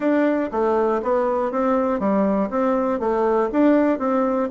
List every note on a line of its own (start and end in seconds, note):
0.00 0.50 D4
0.51 1.01 A3
1.02 1.51 B3
1.51 1.99 C4
1.99 2.49 G3
2.50 2.99 C4
2.99 3.49 A3
3.51 3.98 D4
3.98 4.48 C4